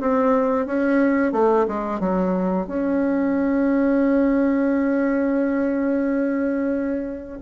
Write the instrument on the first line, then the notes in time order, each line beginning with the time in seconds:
bassoon
0.00 C4
0.66 C#4
1.32 A3
1.67 G#3
2.00 F#3
2.67 C#4